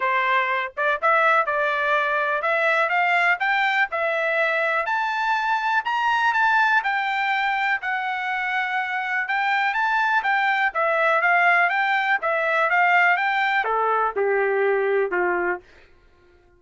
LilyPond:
\new Staff \with { instrumentName = "trumpet" } { \time 4/4 \tempo 4 = 123 c''4. d''8 e''4 d''4~ | d''4 e''4 f''4 g''4 | e''2 a''2 | ais''4 a''4 g''2 |
fis''2. g''4 | a''4 g''4 e''4 f''4 | g''4 e''4 f''4 g''4 | a'4 g'2 f'4 | }